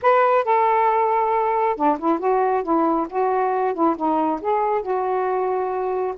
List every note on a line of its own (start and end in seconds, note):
0.01 0.44 B4
0.44 1.75 A4
1.75 1.98 D4
1.99 2.19 E4
2.19 2.63 F#4
2.63 3.07 E4
3.09 3.74 F#4
3.74 3.96 E4
3.96 4.40 D#4
4.41 4.82 G#4
4.82 6.14 F#4